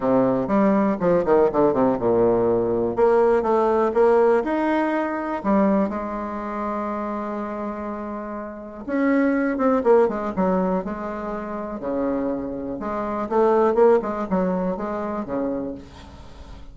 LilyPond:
\new Staff \with { instrumentName = "bassoon" } { \time 4/4 \tempo 4 = 122 c4 g4 f8 dis8 d8 c8 | ais,2 ais4 a4 | ais4 dis'2 g4 | gis1~ |
gis2 cis'4. c'8 | ais8 gis8 fis4 gis2 | cis2 gis4 a4 | ais8 gis8 fis4 gis4 cis4 | }